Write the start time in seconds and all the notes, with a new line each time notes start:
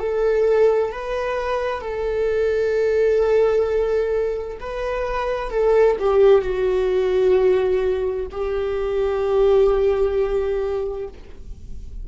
0.00 A4
0.92 B4
1.81 A4
4.60 B4
5.50 A4
6.00 G4
6.42 F#4
8.32 G4